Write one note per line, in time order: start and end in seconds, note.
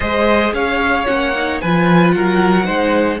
0.00 0.52 G#3
0.00 1.06 G#4
0.00 0.53 C5
0.00 0.52 D#5
0.52 1.06 C#4
0.52 1.61 C#5
0.52 1.06 F5
1.06 1.62 A#3
1.06 1.33 C#4
1.06 1.60 F#5
1.35 1.62 D#4
1.60 2.15 F3
1.60 2.63 F4
1.60 2.14 B4
1.60 2.11 G#5
2.11 2.68 F#3
2.11 2.65 A#4
2.11 3.19 F#5
2.63 3.20 G#3
2.63 3.17 D#4
2.63 3.19 C5